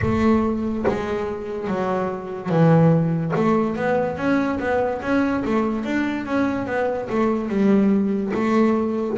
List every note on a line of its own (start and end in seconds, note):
0.01 0.84 A3
0.87 1.67 G#3
1.67 2.49 F#3
2.49 3.32 E3
3.35 3.75 A3
3.75 4.17 B3
4.17 4.58 C#4
4.59 5.01 B3
5.02 5.43 C#4
5.44 5.84 A3
5.84 6.25 D4
6.25 6.66 C#4
6.66 7.08 B3
7.09 7.48 A3
7.48 8.31 G3
8.34 9.17 A3